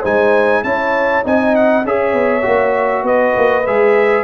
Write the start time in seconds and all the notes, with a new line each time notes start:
0.00 G#3 D#4 C5 G#5
0.63 C#4 E4 C#5 A5
1.23 C4 D#4 D#5 G#5
1.55 F#5
1.84 C#4 G#4 C#5 E5
2.13 B3
2.42 A#3 F#4
3.02 B3 B4 D#5
3.36 A#3
3.67 G#3 G#4 E5